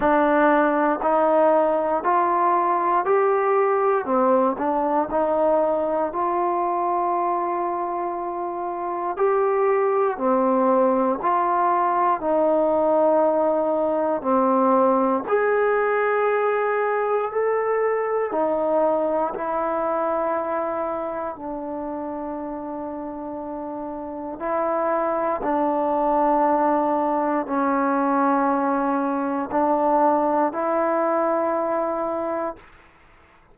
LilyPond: \new Staff \with { instrumentName = "trombone" } { \time 4/4 \tempo 4 = 59 d'4 dis'4 f'4 g'4 | c'8 d'8 dis'4 f'2~ | f'4 g'4 c'4 f'4 | dis'2 c'4 gis'4~ |
gis'4 a'4 dis'4 e'4~ | e'4 d'2. | e'4 d'2 cis'4~ | cis'4 d'4 e'2 | }